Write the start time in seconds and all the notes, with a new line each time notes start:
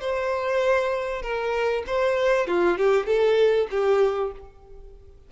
0.00 C5
1.22 A#4
1.86 C5
2.47 F4
2.77 G4
3.06 A4
3.70 G4